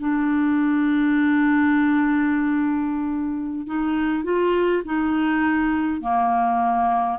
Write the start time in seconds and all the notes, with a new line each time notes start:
0.00 D4
3.67 D#4
4.24 F4
4.85 D#4
6.02 A#3